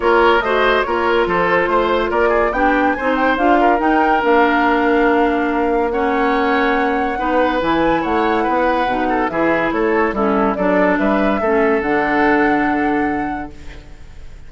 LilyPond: <<
  \new Staff \with { instrumentName = "flute" } { \time 4/4 \tempo 4 = 142 cis''4 dis''4 cis''4 c''4~ | c''4 d''4 g''4 gis''8 g''8 | f''4 g''4 f''2~ | f''2 fis''2~ |
fis''2 gis''4 fis''4~ | fis''2 e''4 cis''4 | a'4 d''4 e''2 | fis''1 | }
  \new Staff \with { instrumentName = "oboe" } { \time 4/4 ais'4 c''4 ais'4 a'4 | c''4 ais'8 gis'8 g'4 c''4~ | c''8 ais'2.~ ais'8~ | ais'2 cis''2~ |
cis''4 b'2 cis''4 | b'4. a'8 gis'4 a'4 | e'4 a'4 b'4 a'4~ | a'1 | }
  \new Staff \with { instrumentName = "clarinet" } { \time 4/4 f'4 fis'4 f'2~ | f'2 d'4 dis'4 | f'4 dis'4 d'2~ | d'2 cis'2~ |
cis'4 dis'4 e'2~ | e'4 dis'4 e'2 | cis'4 d'2 cis'4 | d'1 | }
  \new Staff \with { instrumentName = "bassoon" } { \time 4/4 ais4 a4 ais4 f4 | a4 ais4 b4 c'4 | d'4 dis'4 ais2~ | ais1~ |
ais4 b4 e4 a4 | b4 b,4 e4 a4 | g4 fis4 g4 a4 | d1 | }
>>